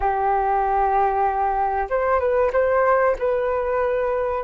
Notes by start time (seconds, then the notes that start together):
0.00 G4
1.89 C5
2.19 B4
2.53 C5
3.18 B4